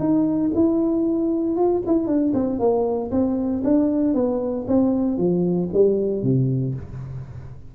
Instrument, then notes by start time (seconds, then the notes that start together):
tuba
0.00 D#4
0.55 E4
1.57 F4
1.87 E4
2.07 D4
2.34 C4
2.60 A#3
3.12 C4
3.65 D4
4.15 B3
4.68 C4
5.18 F3
5.74 G3
6.23 C3